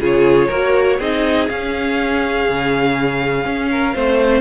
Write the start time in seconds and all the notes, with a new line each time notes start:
0.00 C#3 F4 G#4 C#5
0.48 A#3 F#4 A#4
0.98 C4 D#4 G#4 D#5
1.49 C#4 F5
2.49 C#3
3.46 C#4
3.71 A#4
3.95 A3 C4 C5